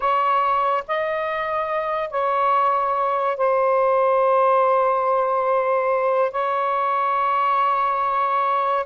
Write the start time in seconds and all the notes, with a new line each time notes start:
0.00 C#5
0.87 D#5
2.10 C#5
3.36 C5
6.31 C#5